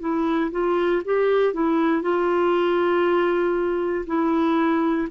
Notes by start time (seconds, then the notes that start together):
0.00 E4
0.51 F4
1.05 G4
1.53 E4
2.02 F4
4.06 E4